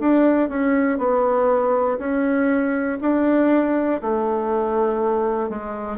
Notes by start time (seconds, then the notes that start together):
0.00 D4
0.49 C#4
0.99 B3
1.99 C#4
3.01 D4
4.01 A3
5.50 G#3